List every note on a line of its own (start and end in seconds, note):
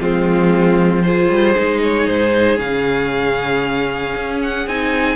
0.00 1.29 F3
0.00 1.04 G#3
0.00 1.05 C4
0.00 1.02 F4
1.02 1.56 F4
1.02 5.16 G#4
1.02 1.80 C5
1.29 1.55 G3
1.56 2.08 G#3
1.56 2.57 D#4
1.82 2.07 C#5
2.07 2.59 G#2
2.07 2.59 C5
2.57 4.14 C#3
2.57 4.64 C#4
2.57 4.40 F5
4.16 4.67 C#4
4.42 4.68 F#5
4.67 5.16 C4
4.67 5.16 D#4
4.67 5.16 G#5